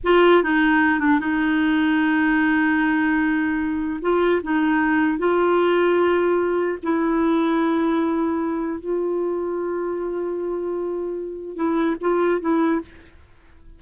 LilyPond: \new Staff \with { instrumentName = "clarinet" } { \time 4/4 \tempo 4 = 150 f'4 dis'4. d'8 dis'4~ | dis'1~ | dis'2 f'4 dis'4~ | dis'4 f'2.~ |
f'4 e'2.~ | e'2 f'2~ | f'1~ | f'4 e'4 f'4 e'4 | }